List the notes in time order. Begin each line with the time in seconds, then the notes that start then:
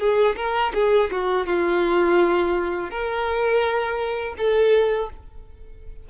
0.00 G#4
0.36 A#4
0.74 G#4
1.12 F#4
1.47 F4
2.91 A#4
4.38 A4